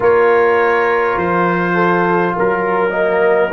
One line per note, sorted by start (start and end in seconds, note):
0.00 1.16 A#3
0.00 2.91 F4
0.00 1.74 A#4
0.00 1.18 C#5
1.16 2.34 F3
1.16 2.35 C5
1.74 2.33 A4
2.36 3.52 F#3
2.36 2.90 A#4
2.36 3.52 A#4
2.90 3.50 A#3
2.90 3.49 D#5